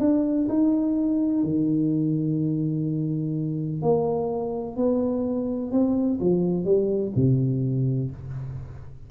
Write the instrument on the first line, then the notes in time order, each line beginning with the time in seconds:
tuba
0.00 D4
0.49 D#4
1.44 D#3
3.82 A#3
4.76 B3
5.71 C4
6.21 F3
6.65 G3
7.16 C3